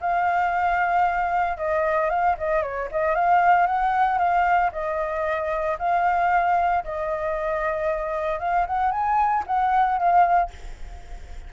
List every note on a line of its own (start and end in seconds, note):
0.00 1.57 F5
1.57 2.09 D#5
2.09 2.36 F5
2.37 2.62 D#5
2.62 2.88 C#5
2.91 3.15 D#5
3.15 3.66 F5
3.66 4.18 F#5
4.18 4.70 F5
4.72 5.77 D#5
5.78 6.83 F5
6.84 8.39 D#5
8.39 8.66 F5
8.66 8.91 F#5
8.91 9.44 G#5
9.46 9.97 F#5
9.97 10.50 F5